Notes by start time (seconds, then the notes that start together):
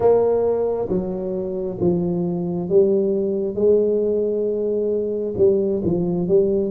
0.00 A#3
0.88 F#3
1.80 F3
2.69 G3
3.55 G#3
5.37 G3
5.84 F3
6.27 G3